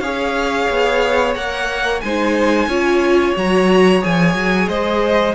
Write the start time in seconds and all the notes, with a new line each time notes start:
0.00 C#4 G#4 C#5 F5
0.70 B3
1.35 A#3 A#4 F#5
2.00 G#3 D#4 C5 G#5
2.67 C#4 F4 C#5
3.36 F#3 F#4 A#5
4.01 F3 G#4 G#5
4.34 F#3
4.68 G#3 C5 D#5